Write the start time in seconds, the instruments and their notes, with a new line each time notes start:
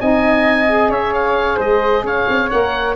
0.00 tuba C4, saxophone D#4, flute D#5, oboe G#5
0.69 saxophone G#4
0.89 tuba C#4, flute C#5, oboe E5
1.14 oboe F5
1.57 tuba G#3, flute C5, oboe D#5
2.03 tuba C#4, flute C#5, oboe F5
2.28 tuba C4
2.50 tuba A#3, saxophone A#4, oboe F#5